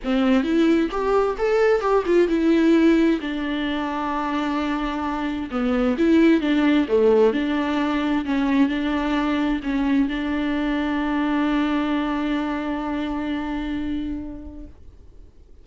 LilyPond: \new Staff \with { instrumentName = "viola" } { \time 4/4 \tempo 4 = 131 c'4 e'4 g'4 a'4 | g'8 f'8 e'2 d'4~ | d'1 | b4 e'4 d'4 a4 |
d'2 cis'4 d'4~ | d'4 cis'4 d'2~ | d'1~ | d'1 | }